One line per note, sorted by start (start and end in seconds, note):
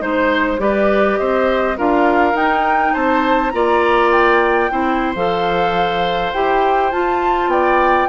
0.00 0.59 G#3
0.00 0.58 D#4
0.00 0.60 C5
0.58 1.17 G3
0.58 1.75 G4
0.58 1.19 B4
0.58 1.18 D5
1.18 1.78 C4
1.18 1.77 C5
1.18 1.76 D#5
1.77 2.33 D4
1.77 2.33 F4
1.77 2.93 A#4
1.77 2.35 F5
2.33 2.92 D#4
2.33 3.51 D#4
2.33 2.94 G5
2.93 3.53 C4
2.93 3.52 C5
2.93 3.50 A5
3.50 4.70 A#3
3.50 4.70 F4
3.50 4.71 D5
3.50 4.08 A#5
4.11 5.14 G5
4.70 5.15 C4
4.70 5.14 E4
4.70 7.50 C5
5.15 6.32 F3
5.15 6.33 A4
5.15 6.32 F5
6.32 6.92 E4
6.32 6.92 G4
6.32 6.91 G5
6.91 7.47 F4
6.91 8.08 F4
6.91 7.50 A5
7.47 8.05 B3
7.47 8.08 D5
7.47 8.08 G5